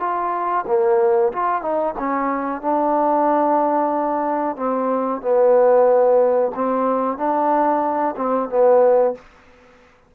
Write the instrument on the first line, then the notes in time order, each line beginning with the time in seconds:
trombone
0.00 F4
0.68 A#3
1.33 F4
1.62 D#4
1.99 C#4
2.62 D4
4.57 C4
5.22 B3
6.56 C4
7.18 D4
8.17 C4
8.50 B3